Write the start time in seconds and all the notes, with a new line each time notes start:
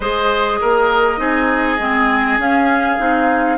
0.00 G#3 G#4 C5 D#5
0.60 A#3 A#4
1.17 C4 D#4 G#4
1.79 G#3 C4
2.38 C#4 F5
2.98 C4 D#4